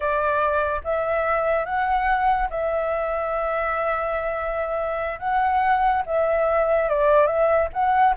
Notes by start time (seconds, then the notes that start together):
0.00 D5
0.84 E5
1.65 F#5
2.50 E5
5.19 F#5
6.05 E5
6.89 D5
7.26 E5
7.73 F#5